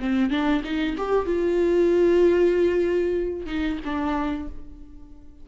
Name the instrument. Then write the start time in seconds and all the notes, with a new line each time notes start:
viola
0.00 C4
0.30 D4
0.64 D#4
0.97 G4
1.26 F4
3.46 D#4
3.84 D4